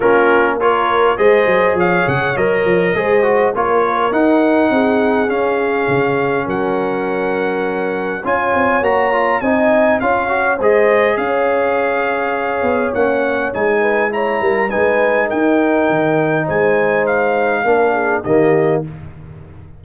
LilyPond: <<
  \new Staff \with { instrumentName = "trumpet" } { \time 4/4 \tempo 4 = 102 ais'4 cis''4 dis''4 f''8 fis''8 | dis''2 cis''4 fis''4~ | fis''4 f''2 fis''4~ | fis''2 gis''4 ais''4 |
gis''4 f''4 dis''4 f''4~ | f''2 fis''4 gis''4 | ais''4 gis''4 g''2 | gis''4 f''2 dis''4 | }
  \new Staff \with { instrumentName = "horn" } { \time 4/4 f'4 ais'4 c''4 cis''4~ | cis''4 c''4 ais'2 | gis'2. ais'4~ | ais'2 cis''2 |
dis''4 cis''4 c''4 cis''4~ | cis''2.~ cis''8 b'8 | cis''8 ais'8 b'4 ais'2 | c''2 ais'8 gis'8 g'4 | }
  \new Staff \with { instrumentName = "trombone" } { \time 4/4 cis'4 f'4 gis'2 | ais'4 gis'8 fis'8 f'4 dis'4~ | dis'4 cis'2.~ | cis'2 f'4 fis'8 f'8 |
dis'4 f'8 fis'8 gis'2~ | gis'2 cis'4 dis'4 | e'4 dis'2.~ | dis'2 d'4 ais4 | }
  \new Staff \with { instrumentName = "tuba" } { \time 4/4 ais2 gis8 fis8 f8 cis8 | fis8 f8 gis4 ais4 dis'4 | c'4 cis'4 cis4 fis4~ | fis2 cis'8 c'8 ais4 |
c'4 cis'4 gis4 cis'4~ | cis'4. b8 ais4 gis4~ | gis8 g8 gis4 dis'4 dis4 | gis2 ais4 dis4 | }
>>